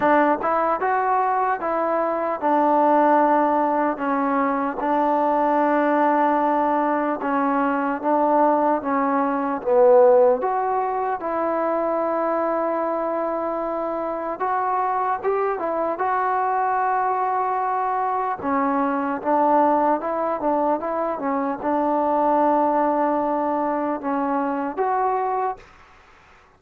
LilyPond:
\new Staff \with { instrumentName = "trombone" } { \time 4/4 \tempo 4 = 75 d'8 e'8 fis'4 e'4 d'4~ | d'4 cis'4 d'2~ | d'4 cis'4 d'4 cis'4 | b4 fis'4 e'2~ |
e'2 fis'4 g'8 e'8 | fis'2. cis'4 | d'4 e'8 d'8 e'8 cis'8 d'4~ | d'2 cis'4 fis'4 | }